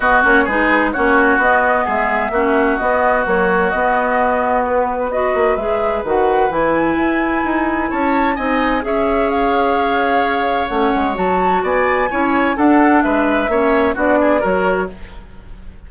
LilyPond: <<
  \new Staff \with { instrumentName = "flute" } { \time 4/4 \tempo 4 = 129 dis''8 cis''8 b'4 cis''4 dis''4 | e''2 dis''4 cis''4 | dis''2 b'4 dis''4 | e''4 fis''4 gis''2~ |
gis''4 a''4 gis''4 e''4 | f''2. fis''4 | a''4 gis''2 fis''4 | e''2 d''4 cis''4 | }
  \new Staff \with { instrumentName = "oboe" } { \time 4/4 fis'4 gis'4 fis'2 | gis'4 fis'2.~ | fis'2. b'4~ | b'1~ |
b'4 cis''4 dis''4 cis''4~ | cis''1~ | cis''4 d''4 cis''4 a'4 | b'4 cis''4 fis'8 gis'8 ais'4 | }
  \new Staff \with { instrumentName = "clarinet" } { \time 4/4 b8 cis'8 dis'4 cis'4 b4~ | b4 cis'4 b4 fis4 | b2. fis'4 | gis'4 fis'4 e'2~ |
e'2 dis'4 gis'4~ | gis'2. cis'4 | fis'2 e'4 d'4~ | d'4 cis'4 d'4 fis'4 | }
  \new Staff \with { instrumentName = "bassoon" } { \time 4/4 b8 ais8 gis4 ais4 b4 | gis4 ais4 b4 ais4 | b2.~ b8 ais8 | gis4 dis4 e4 e'4 |
dis'4 cis'4 c'4 cis'4~ | cis'2. a8 gis8 | fis4 b4 cis'4 d'4 | gis4 ais4 b4 fis4 | }
>>